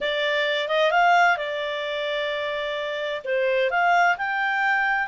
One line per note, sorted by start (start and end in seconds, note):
0.00 0.68 D5
0.68 0.91 D#5
0.91 1.37 F5
1.37 3.21 D5
3.24 3.70 C5
3.70 4.16 F5
4.17 5.07 G5